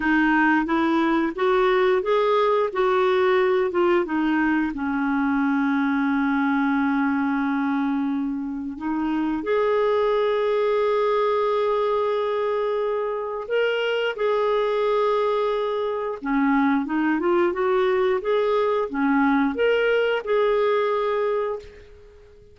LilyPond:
\new Staff \with { instrumentName = "clarinet" } { \time 4/4 \tempo 4 = 89 dis'4 e'4 fis'4 gis'4 | fis'4. f'8 dis'4 cis'4~ | cis'1~ | cis'4 dis'4 gis'2~ |
gis'1 | ais'4 gis'2. | cis'4 dis'8 f'8 fis'4 gis'4 | cis'4 ais'4 gis'2 | }